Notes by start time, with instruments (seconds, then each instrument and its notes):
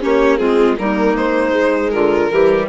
0.00 bassoon A#3, viola C#4, clarinet G4, violin C#5
0.37 bassoon G#3, viola C4, clarinet F4, violin G#4
0.78 bassoon G3, viola A#3, clarinet D#4, violin A#4
1.15 bassoon G#3, violin C5
1.51 viola G#3
1.90 bassoon D3, clarinet F4, violin A#4
2.31 bassoon E3, viola G3, clarinet G4